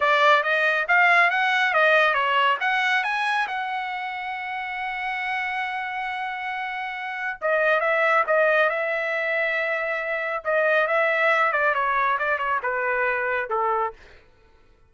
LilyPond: \new Staff \with { instrumentName = "trumpet" } { \time 4/4 \tempo 4 = 138 d''4 dis''4 f''4 fis''4 | dis''4 cis''4 fis''4 gis''4 | fis''1~ | fis''1~ |
fis''4 dis''4 e''4 dis''4 | e''1 | dis''4 e''4. d''8 cis''4 | d''8 cis''8 b'2 a'4 | }